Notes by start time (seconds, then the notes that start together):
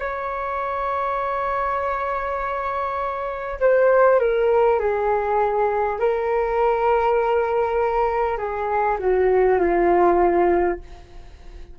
0.00 C#5
3.61 C5
4.20 A#4
4.80 G#4
5.99 A#4
8.38 G#4
8.99 F#4
9.59 F4